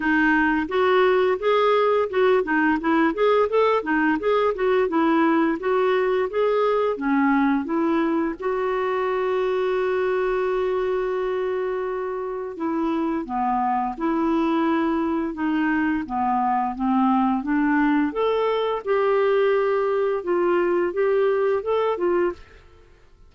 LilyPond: \new Staff \with { instrumentName = "clarinet" } { \time 4/4 \tempo 4 = 86 dis'4 fis'4 gis'4 fis'8 dis'8 | e'8 gis'8 a'8 dis'8 gis'8 fis'8 e'4 | fis'4 gis'4 cis'4 e'4 | fis'1~ |
fis'2 e'4 b4 | e'2 dis'4 b4 | c'4 d'4 a'4 g'4~ | g'4 f'4 g'4 a'8 f'8 | }